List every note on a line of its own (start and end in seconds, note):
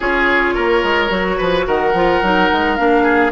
0.00 0.56 C#4
0.00 1.10 F4
0.00 0.54 G#4
0.00 1.67 C#5
0.54 0.83 A#3
0.54 1.37 A#4
0.83 1.09 G#3
1.09 1.37 F#3
1.09 1.93 F#4
1.37 1.67 F3
1.37 1.65 B4
1.67 1.93 D#3
1.67 3.03 A#4
1.67 2.76 F#5
1.93 2.21 F3
1.93 2.23 F4
2.22 2.50 F#3
2.22 2.77 D#4
2.52 2.78 G#3
2.76 3.31 A#3
2.76 3.31 D4
2.76 3.31 F5
3.03 3.31 G#4